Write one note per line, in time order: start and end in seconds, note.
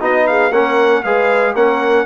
0.00 0.51 B3
0.00 0.51 D#4
0.00 0.27 F#4
0.00 0.27 D#5
0.27 0.52 G#4
0.27 0.53 F5
0.51 1.02 A#3
0.51 1.04 C#4
0.51 1.04 A#4
0.51 1.03 F#5
1.03 1.54 G#3
1.03 1.56 G#4
1.03 1.54 B4
1.03 1.54 F5
1.54 2.06 A#3
1.54 2.06 C#4
1.54 2.06 A#4
1.54 2.06 F#5